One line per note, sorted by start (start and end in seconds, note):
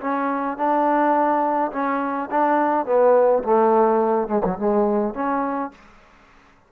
0.00 0.57 C#4
0.57 1.71 D4
1.72 2.29 C#4
2.31 2.86 D4
2.86 3.43 B3
3.44 4.28 A3
4.28 4.42 G#3
4.44 4.58 F#3
4.58 5.14 G#3
5.14 5.71 C#4